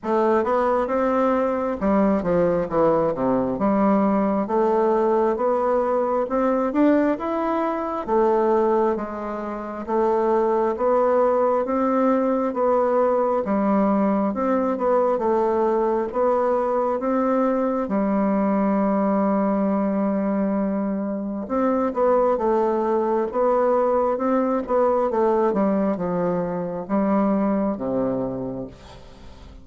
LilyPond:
\new Staff \with { instrumentName = "bassoon" } { \time 4/4 \tempo 4 = 67 a8 b8 c'4 g8 f8 e8 c8 | g4 a4 b4 c'8 d'8 | e'4 a4 gis4 a4 | b4 c'4 b4 g4 |
c'8 b8 a4 b4 c'4 | g1 | c'8 b8 a4 b4 c'8 b8 | a8 g8 f4 g4 c4 | }